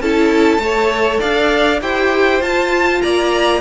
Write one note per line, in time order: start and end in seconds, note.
0.00 0.58 C#4
0.00 0.60 E4
0.00 0.62 A4
0.00 1.20 A5
0.58 1.18 A3
0.58 1.80 A4
0.58 1.20 C#5
1.20 1.81 D4
1.20 1.80 D5
1.20 1.80 F5
1.81 2.41 E4
1.81 2.41 G4
1.81 3.02 C5
1.81 2.42 G5
2.41 3.01 F4
2.41 3.61 F4
2.41 3.01 A5
3.01 3.61 A#3
3.01 3.61 D5
3.01 3.61 A#5